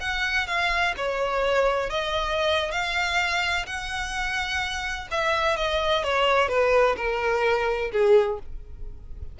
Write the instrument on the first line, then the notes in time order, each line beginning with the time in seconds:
violin
0.00 F#5
0.47 F5
0.97 C#5
1.90 D#5
2.71 F5
3.66 F#5
5.11 E5
5.56 D#5
6.04 C#5
6.48 B4
6.97 A#4
7.92 G#4